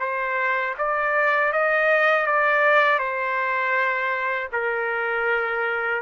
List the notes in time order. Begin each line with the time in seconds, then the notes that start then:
0.00 C5
0.78 D5
1.53 D#5
2.27 D5
2.99 C5
4.53 A#4